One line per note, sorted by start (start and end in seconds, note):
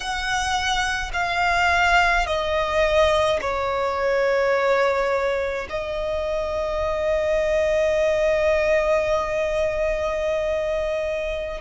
0.00 1.11 F#5
1.13 2.26 F5
2.26 3.39 D#5
3.41 5.67 C#5
5.69 11.60 D#5